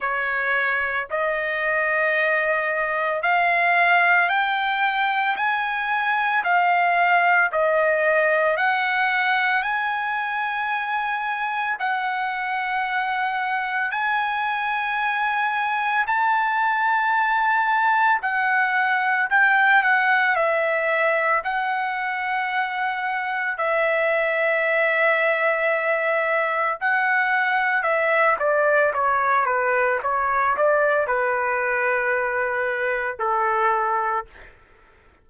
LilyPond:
\new Staff \with { instrumentName = "trumpet" } { \time 4/4 \tempo 4 = 56 cis''4 dis''2 f''4 | g''4 gis''4 f''4 dis''4 | fis''4 gis''2 fis''4~ | fis''4 gis''2 a''4~ |
a''4 fis''4 g''8 fis''8 e''4 | fis''2 e''2~ | e''4 fis''4 e''8 d''8 cis''8 b'8 | cis''8 d''8 b'2 a'4 | }